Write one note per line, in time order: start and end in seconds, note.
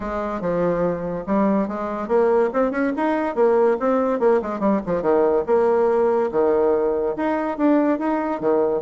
0.00 0.40 G#3
0.40 1.24 F3
1.26 1.68 G3
1.68 2.08 G#3
2.08 2.49 A#3
2.53 2.71 C4
2.71 2.92 C#4
2.96 3.35 D#4
3.35 3.77 A#3
3.79 4.19 C4
4.19 4.40 A#3
4.42 4.59 G#3
4.59 4.80 G3
4.86 5.02 F3
5.02 5.44 D#3
5.46 6.30 A#3
6.31 7.15 D#3
7.16 7.57 D#4
7.57 7.98 D4
7.98 8.40 D#4
8.40 8.82 D#3